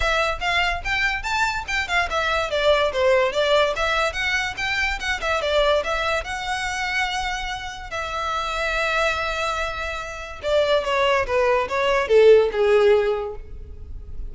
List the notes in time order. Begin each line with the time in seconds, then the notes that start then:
0.00 E5
0.40 F5
0.84 G5
1.22 A5
1.67 G5
1.88 F5
2.09 E5
2.50 D5
2.92 C5
3.32 D5
3.76 E5
4.12 F#5
4.57 G5
4.99 F#5
5.21 E5
5.41 D5
5.84 E5
6.24 F#5
7.90 E5
10.42 D5
10.84 C#5
11.26 B4
11.68 C#5
12.07 A4
12.52 G#4